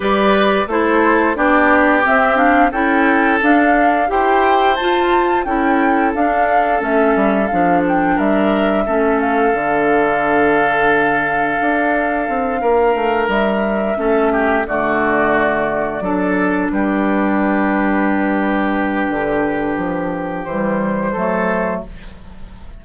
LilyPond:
<<
  \new Staff \with { instrumentName = "flute" } { \time 4/4 \tempo 4 = 88 d''4 c''4 d''4 e''8 f''8 | g''4 f''4 g''4 a''4 | g''4 f''4 e''4 f''8 g''8 | e''4. f''2~ f''8~ |
f''2.~ f''8 e''8~ | e''4. d''2~ d''8~ | d''8 b'2.~ b'8~ | b'2 c''2 | }
  \new Staff \with { instrumentName = "oboe" } { \time 4/4 b'4 a'4 g'2 | a'2 c''2 | a'1 | ais'4 a'2.~ |
a'2~ a'8 ais'4.~ | ais'8 a'8 g'8 fis'2 a'8~ | a'8 g'2.~ g'8~ | g'2. a'4 | }
  \new Staff \with { instrumentName = "clarinet" } { \time 4/4 g'4 e'4 d'4 c'8 d'8 | e'4 d'4 g'4 f'4 | e'4 d'4 cis'4 d'4~ | d'4 cis'4 d'2~ |
d'1~ | d'8 cis'4 a2 d'8~ | d'1~ | d'2 g4 a4 | }
  \new Staff \with { instrumentName = "bassoon" } { \time 4/4 g4 a4 b4 c'4 | cis'4 d'4 e'4 f'4 | cis'4 d'4 a8 g8 f4 | g4 a4 d2~ |
d4 d'4 c'8 ais8 a8 g8~ | g8 a4 d2 fis8~ | fis8 g2.~ g8 | d4 f4 e4 fis4 | }
>>